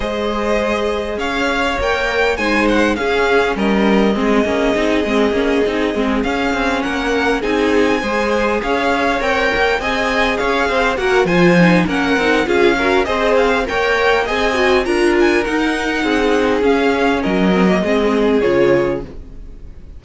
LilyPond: <<
  \new Staff \with { instrumentName = "violin" } { \time 4/4 \tempo 4 = 101 dis''2 f''4 g''4 | gis''8 fis''8 f''4 dis''2~ | dis''2~ dis''8 f''4 fis''8~ | fis''8 gis''2 f''4 g''8~ |
g''8 gis''4 f''4 fis''8 gis''4 | fis''4 f''4 dis''8 f''8 g''4 | gis''4 ais''8 gis''8 fis''2 | f''4 dis''2 cis''4 | }
  \new Staff \with { instrumentName = "violin" } { \time 4/4 c''2 cis''2 | c''4 gis'4 ais'4 gis'4~ | gis'2.~ gis'8 ais'8~ | ais'8 gis'4 c''4 cis''4.~ |
cis''8 dis''4 cis''8 c''8 ais'8 c''4 | ais'4 gis'8 ais'8 c''4 cis''4 | dis''4 ais'2 gis'4~ | gis'4 ais'4 gis'2 | }
  \new Staff \with { instrumentName = "viola" } { \time 4/4 gis'2. ais'4 | dis'4 cis'2 c'8 cis'8 | dis'8 c'8 cis'8 dis'8 c'8 cis'4.~ | cis'8 dis'4 gis'2 ais'8~ |
ais'8 gis'2 fis'8 f'8 dis'8 | cis'8 dis'8 f'8 fis'8 gis'4 ais'4 | gis'8 fis'8 f'4 dis'2 | cis'4. c'16 ais16 c'4 f'4 | }
  \new Staff \with { instrumentName = "cello" } { \time 4/4 gis2 cis'4 ais4 | gis4 cis'4 g4 gis8 ais8 | c'8 gis8 ais8 c'8 gis8 cis'8 c'8 ais8~ | ais8 c'4 gis4 cis'4 c'8 |
ais8 c'4 cis'8 c'8 ais8 f4 | ais8 c'8 cis'4 c'4 ais4 | c'4 d'4 dis'4 c'4 | cis'4 fis4 gis4 cis4 | }
>>